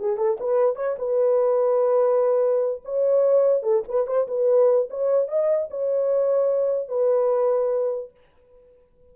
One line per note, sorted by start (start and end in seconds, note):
0.00 0.18 G#4
0.18 0.38 A4
0.40 0.76 B4
0.76 0.97 C#5
0.99 2.83 B4
2.85 3.63 C#5
3.63 3.84 A4
3.88 4.07 B4
4.07 4.28 C5
4.28 4.89 B4
4.90 5.28 C#5
5.28 5.69 D#5
5.71 6.89 C#5
6.89 8.11 B4